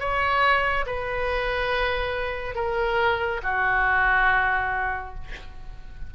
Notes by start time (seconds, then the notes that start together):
0.00 C#5
0.86 B4
2.55 A#4
3.43 F#4